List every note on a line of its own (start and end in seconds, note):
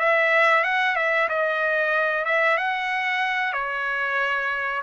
0.00 0.64 E5
0.64 0.96 F#5
0.96 1.29 E5
1.30 2.26 D#5
2.26 2.58 E5
2.58 3.53 F#5
3.53 4.82 C#5